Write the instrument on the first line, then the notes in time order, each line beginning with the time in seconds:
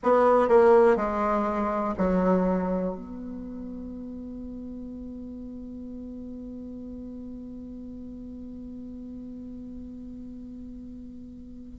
bassoon
0.03 B3
0.48 A#3
0.96 G#3
1.97 F#3
2.95 B3